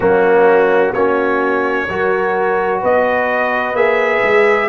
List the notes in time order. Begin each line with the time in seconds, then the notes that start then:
0.00 F#3 A#3 C#4 F#4
0.92 A#3 C#4 F#4 C#5
1.88 F#3 F#4 A#4
2.81 B3 B4 D#5
3.73 A#3 G#4 E5
4.22 G#3